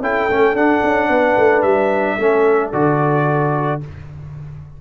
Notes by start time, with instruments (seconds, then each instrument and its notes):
0.00 tuba C#4, trombone E4, horn A4, trumpet G5
0.29 tuba A3, trombone C#4
0.52 tuba D4, trombone D4, trumpet F#5
0.83 tuba C#4
1.08 tuba B3, horn B4
1.37 tuba A3
1.62 tuba G3, trumpet E5
2.17 tuba A3, trombone C#4, horn A4
2.72 tuba D3, trombone F#4, trumpet D5